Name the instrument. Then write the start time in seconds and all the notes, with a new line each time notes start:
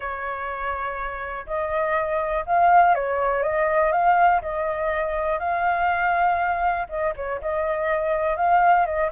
flute
0.00 C#5
1.46 D#5
2.46 F5
2.94 C#5
3.42 D#5
3.91 F5
4.42 D#5
5.39 F5
6.89 D#5
7.16 C#5
7.41 D#5
8.36 F5
8.85 D#5